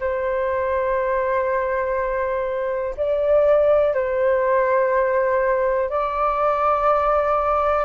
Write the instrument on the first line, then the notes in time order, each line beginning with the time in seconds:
flute
0.00 C5
2.97 D5
3.94 C5
5.90 D5